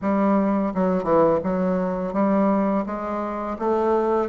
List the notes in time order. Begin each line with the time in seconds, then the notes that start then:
0.01 G3
0.74 F#3
1.03 E3
1.43 F#3
2.13 G3
2.85 G#3
3.58 A3